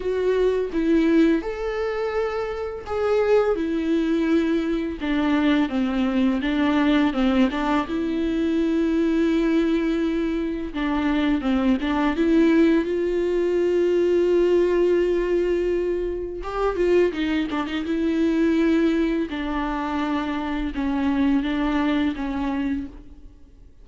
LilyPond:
\new Staff \with { instrumentName = "viola" } { \time 4/4 \tempo 4 = 84 fis'4 e'4 a'2 | gis'4 e'2 d'4 | c'4 d'4 c'8 d'8 e'4~ | e'2. d'4 |
c'8 d'8 e'4 f'2~ | f'2. g'8 f'8 | dis'8 d'16 dis'16 e'2 d'4~ | d'4 cis'4 d'4 cis'4 | }